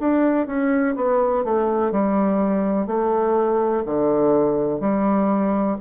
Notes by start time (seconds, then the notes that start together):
0.00 D4
0.47 C#4
0.96 B3
1.44 A3
1.92 G3
2.87 A3
3.86 D3
4.80 G3